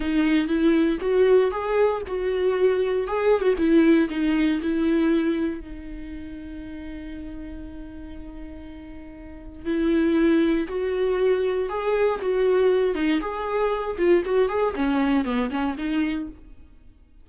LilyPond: \new Staff \with { instrumentName = "viola" } { \time 4/4 \tempo 4 = 118 dis'4 e'4 fis'4 gis'4 | fis'2 gis'8. fis'16 e'4 | dis'4 e'2 dis'4~ | dis'1~ |
dis'2. e'4~ | e'4 fis'2 gis'4 | fis'4. dis'8 gis'4. f'8 | fis'8 gis'8 cis'4 b8 cis'8 dis'4 | }